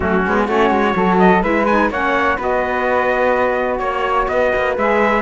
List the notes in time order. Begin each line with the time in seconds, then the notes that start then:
0.00 F#3 A3 C#4 F#4
0.26 G#3 B3
0.46 A3 C#4 F#4 C#5
0.70 G#3
0.94 F#3 F#4 A4
1.18 D#5
1.42 G#3 E4 B4 E5
1.66 D#4 G#5
1.90 A#3 C#4 C#5 F#5
2.36 B3 F#4 B4 D#5
3.78 A#3 C#5
4.28 B3 B4 D#5
4.55 A#3
4.77 G#3 G#4 E5